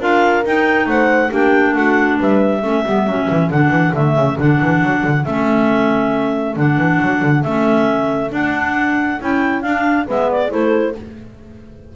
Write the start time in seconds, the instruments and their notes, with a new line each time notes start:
0.00 double bass D4, clarinet F4 F5, horn A#4
0.45 double bass D#4, clarinet D#4 G5
0.86 double bass A3, horn C5, clarinet F#5
1.30 double bass A#3, clarinet D4 G5, horn G4
1.74 double bass A3, horn F#4, clarinet F#5
2.19 double bass G3, horn B4, clarinet E5
2.61 double bass A3, clarinet C#4, horn A4
2.86 double bass G3, clarinet B3
3.07 double bass F#3, clarinet C#4
3.30 double bass E3
3.50 double bass D3, clarinet D4 F#5
3.69 double bass E3
3.94 double bass D3, clarinet A3 E5
4.16 double bass C#3
4.38 double bass D3, clarinet D4 F#5
4.61 double bass E3
4.82 double bass F#3
5.03 double bass D3
5.24 double bass A3, clarinet C#4 E5
6.56 double bass D3, clarinet D4 F#5
6.77 double bass E3
7.01 double bass F#3
7.22 double bass D3
7.43 double bass A3, clarinet C#4 E5
8.29 clarinet D4 F#5, double bass D4
9.20 double bass C#4, clarinet E4 G5
9.61 clarinet D4 F5, double bass D4
10.06 double bass G#3, clarinet B3 E5, horn B4
10.30 clarinet D5
10.48 double bass A3, clarinet E4 C5, horn A4